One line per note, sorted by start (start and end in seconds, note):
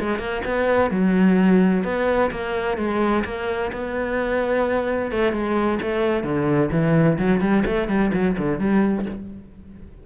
0.00 0.19 G#3
0.19 0.42 A#3
0.45 0.91 B3
0.91 1.84 F#3
1.84 2.31 B3
2.32 2.78 A#3
2.78 3.24 G#3
3.25 3.72 A#3
3.73 5.12 B3
5.12 5.33 A3
5.33 5.79 G#3
5.82 6.23 A3
6.23 6.70 D3
6.72 7.18 E3
7.18 7.41 F#3
7.41 7.64 G3
7.66 7.89 A3
7.89 8.12 G3
8.14 8.37 F#3
8.38 8.59 D3
8.59 9.06 G3